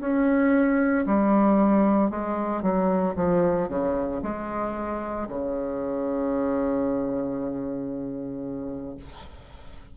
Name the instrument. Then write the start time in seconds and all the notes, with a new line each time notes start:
bassoon
0.00 C#4
1.06 G3
2.10 G#3
2.62 F#3
3.16 F3
3.68 C#3
4.22 G#3
5.28 C#3